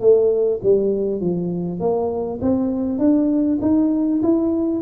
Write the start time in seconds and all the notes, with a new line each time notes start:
0.00 A3
0.62 G3
1.21 F3
1.80 A#3
2.41 C4
2.98 D4
3.61 D#4
4.23 E4